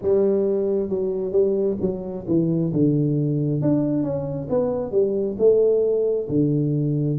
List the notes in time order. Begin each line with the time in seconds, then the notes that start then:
0.02 G3
0.89 F#3
1.32 G3
1.80 F#3
2.27 E3
2.72 D3
3.61 D4
4.03 C#4
4.49 B3
4.91 G3
5.38 A3
6.28 D3